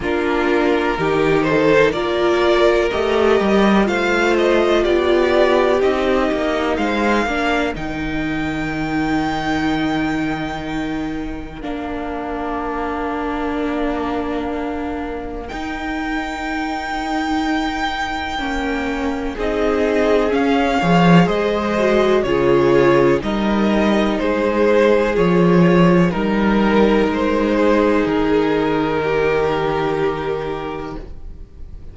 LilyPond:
<<
  \new Staff \with { instrumentName = "violin" } { \time 4/4 \tempo 4 = 62 ais'4. c''8 d''4 dis''4 | f''8 dis''8 d''4 dis''4 f''4 | g''1 | f''1 |
g''1 | dis''4 f''4 dis''4 cis''4 | dis''4 c''4 cis''4 ais'4 | c''4 ais'2. | }
  \new Staff \with { instrumentName = "violin" } { \time 4/4 f'4 g'8 a'8 ais'2 | c''4 g'2 c''8 ais'8~ | ais'1~ | ais'1~ |
ais'1 | gis'4. cis''8 c''4 gis'4 | ais'4 gis'2 ais'4~ | ais'8 gis'4. g'2 | }
  \new Staff \with { instrumentName = "viola" } { \time 4/4 d'4 dis'4 f'4 g'4 | f'2 dis'4. d'8 | dis'1 | d'1 |
dis'2. cis'4 | dis'4 cis'8 gis'4 fis'8 f'4 | dis'2 f'4 dis'4~ | dis'1 | }
  \new Staff \with { instrumentName = "cello" } { \time 4/4 ais4 dis4 ais4 a8 g8 | a4 b4 c'8 ais8 gis8 ais8 | dis1 | ais1 |
dis'2. ais4 | c'4 cis'8 f8 gis4 cis4 | g4 gis4 f4 g4 | gis4 dis2. | }
>>